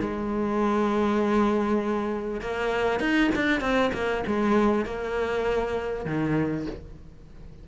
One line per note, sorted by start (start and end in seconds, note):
0.00 2.41 G#3
2.41 3.00 A#3
3.00 3.30 D#4
3.35 3.61 D4
3.61 3.91 C4
3.93 4.24 A#3
4.27 4.85 G#3
4.85 6.05 A#3
6.05 6.66 D#3